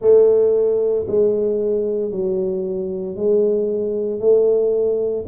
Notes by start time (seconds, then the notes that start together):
0.01 A3
1.07 G#3
2.11 F#3
3.16 G#3
4.20 A3